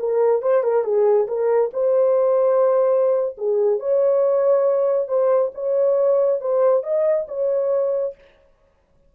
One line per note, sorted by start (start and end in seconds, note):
0.00 0.42 A#4
0.42 0.64 C5
0.64 0.84 A#4
0.84 1.28 G#4
1.28 1.72 A#4
1.74 3.37 C5
3.38 3.80 G#4
3.80 5.08 C#5
5.08 5.52 C5
5.55 6.41 C#5
6.41 6.84 C5
6.84 7.27 D#5
7.28 8.15 C#5